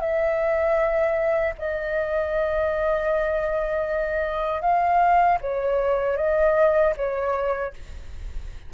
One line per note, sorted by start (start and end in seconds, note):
0.00 1.54 E5
1.58 4.62 D#5
4.62 5.38 F5
5.41 6.17 C#5
6.17 6.94 D#5
6.97 7.73 C#5